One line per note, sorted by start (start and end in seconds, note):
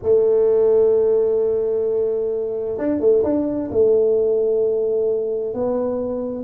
0.02 2.78 A3
2.78 3.00 D4
3.00 3.23 A3
3.23 3.69 D4
3.71 5.53 A3
5.53 6.44 B3